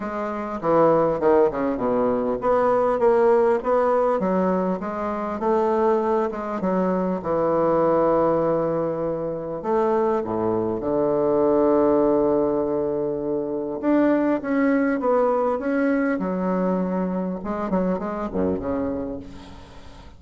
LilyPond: \new Staff \with { instrumentName = "bassoon" } { \time 4/4 \tempo 4 = 100 gis4 e4 dis8 cis8 b,4 | b4 ais4 b4 fis4 | gis4 a4. gis8 fis4 | e1 |
a4 a,4 d2~ | d2. d'4 | cis'4 b4 cis'4 fis4~ | fis4 gis8 fis8 gis8 fis,8 cis4 | }